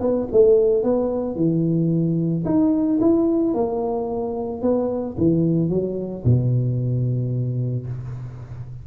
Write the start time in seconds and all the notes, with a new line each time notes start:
0.00 B3
0.32 A3
0.83 B3
1.35 E3
2.45 D#4
3.00 E4
3.54 A#3
4.61 B3
5.17 E3
5.69 F#3
6.24 B2